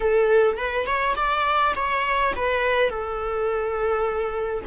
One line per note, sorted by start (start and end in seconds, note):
0.00 0.57 A4
0.57 0.86 B4
0.86 1.15 C#5
1.15 1.73 D5
1.75 2.33 C#5
2.35 2.89 B4
2.89 4.64 A4